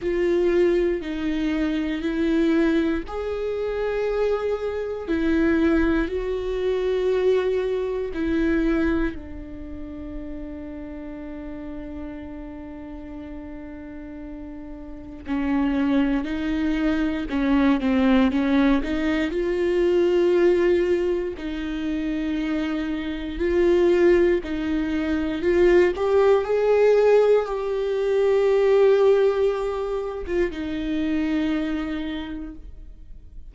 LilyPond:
\new Staff \with { instrumentName = "viola" } { \time 4/4 \tempo 4 = 59 f'4 dis'4 e'4 gis'4~ | gis'4 e'4 fis'2 | e'4 d'2.~ | d'2. cis'4 |
dis'4 cis'8 c'8 cis'8 dis'8 f'4~ | f'4 dis'2 f'4 | dis'4 f'8 g'8 gis'4 g'4~ | g'4.~ g'16 f'16 dis'2 | }